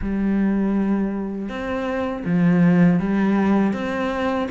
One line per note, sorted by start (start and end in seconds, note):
0.01 1.48 G3
1.48 2.23 C4
2.25 2.99 F3
2.99 3.73 G3
3.73 4.48 C4